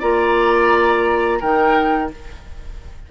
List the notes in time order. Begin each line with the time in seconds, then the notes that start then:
0.00 A#3 F4 D5 A#5
1.40 D#3 D#4 A#4 G5